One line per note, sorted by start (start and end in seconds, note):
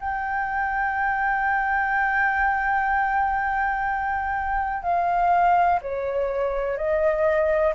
0.00 4.83 G5
4.83 5.79 F5
5.82 6.77 C#5
6.77 7.74 D#5